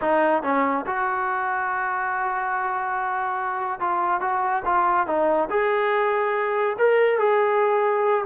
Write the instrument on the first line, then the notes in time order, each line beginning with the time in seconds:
trombone
0.01 D#4
0.42 C#4
0.86 F#4
3.79 F4
4.20 F#4
4.65 F4
5.06 D#4
5.50 G#4
6.78 A#4
7.19 G#4